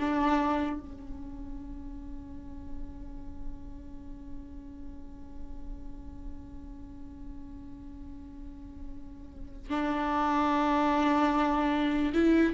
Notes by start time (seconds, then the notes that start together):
0.00 D4
0.80 C#4
9.70 D4
12.14 E4